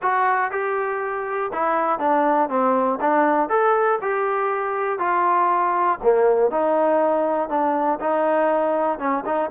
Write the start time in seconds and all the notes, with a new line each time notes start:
0.01 F#4
0.51 G4
1.52 E4
1.99 D4
2.49 C4
3.00 D4
3.49 A4
4.01 G4
4.98 F4
6.02 A#3
6.50 D#4
7.49 D4
8.00 D#4
8.99 C#4
9.25 D#4